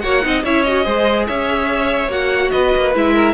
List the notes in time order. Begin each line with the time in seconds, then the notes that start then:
0.00 A#3 F#4 C#5 F#5
0.22 C4 D#4 D#5
0.44 C#4 E4 C#5 E5
0.63 F#4 D#5
0.84 G#3 G#4 C5
1.27 C#4 C#5 E5
2.08 A#3 F#4 F#5
2.50 B3 B4 D#5
2.75 A#3
2.94 G#3 E4 E5
3.14 A#4